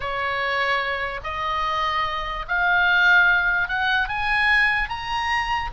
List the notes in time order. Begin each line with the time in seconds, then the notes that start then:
0.00 C#5
1.23 D#5
2.47 F5
3.68 F#5
4.08 G#5
4.89 A#5